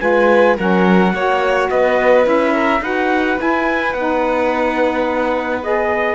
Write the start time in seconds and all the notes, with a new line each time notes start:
0.00 G#3 F4 B4 G#5
0.58 F#3 C#4 A#4 F#5
1.13 A#3 F#4 C#5
1.70 B3 B4 D#5
2.23 C#4 E4 E5
2.54 A#4
2.81 D#4 F#4 B4 F#5
3.37 E4 G#5
3.94 B3 D#4 F#5
5.63 G#4 D#5